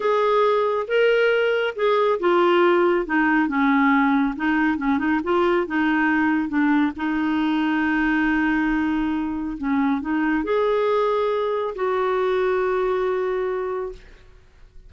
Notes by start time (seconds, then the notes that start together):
0.00 G#4
0.87 A#4
1.75 G#4
2.19 F4
3.06 D#4
3.47 C#4
4.36 D#4
4.77 C#4
4.98 D#4
5.23 F4
5.66 D#4
6.48 D4
6.96 D#4
9.57 C#4
10.01 D#4
10.44 G#4
11.75 F#4